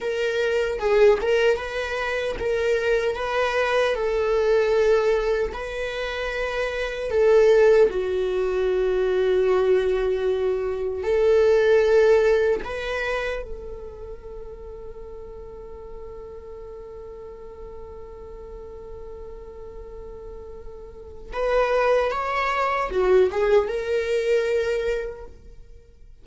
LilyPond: \new Staff \with { instrumentName = "viola" } { \time 4/4 \tempo 4 = 76 ais'4 gis'8 ais'8 b'4 ais'4 | b'4 a'2 b'4~ | b'4 a'4 fis'2~ | fis'2 a'2 |
b'4 a'2.~ | a'1~ | a'2. b'4 | cis''4 fis'8 gis'8 ais'2 | }